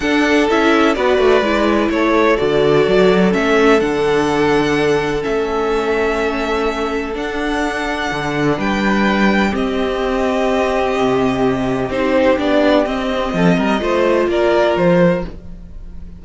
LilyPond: <<
  \new Staff \with { instrumentName = "violin" } { \time 4/4 \tempo 4 = 126 fis''4 e''4 d''2 | cis''4 d''2 e''4 | fis''2. e''4~ | e''2. fis''4~ |
fis''2 g''2 | dis''1~ | dis''4 c''4 d''4 dis''4~ | dis''2 d''4 c''4 | }
  \new Staff \with { instrumentName = "violin" } { \time 4/4 a'2 b'2 | a'1~ | a'1~ | a'1~ |
a'2 b'2 | g'1~ | g'1 | a'8 ais'8 c''4 ais'2 | }
  \new Staff \with { instrumentName = "viola" } { \time 4/4 d'4 e'4 fis'4 e'4~ | e'4 fis'2 cis'4 | d'2. cis'4~ | cis'2. d'4~ |
d'1 | c'1~ | c'4 dis'4 d'4 c'4~ | c'4 f'2. | }
  \new Staff \with { instrumentName = "cello" } { \time 4/4 d'4 cis'4 b8 a8 gis4 | a4 d4 fis4 a4 | d2. a4~ | a2. d'4~ |
d'4 d4 g2 | c'2. c4~ | c4 c'4 b4 c'4 | f8 g8 a4 ais4 f4 | }
>>